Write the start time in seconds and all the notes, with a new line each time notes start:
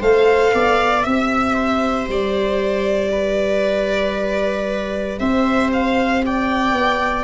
0.00 A3 A4 C5 F5
0.54 B3 D5
1.02 C4 G4 E5
1.54 C5
2.08 G3 D5
3.12 B4
5.19 C4 C5 E5
5.73 F5
6.26 D5 G5
6.72 B3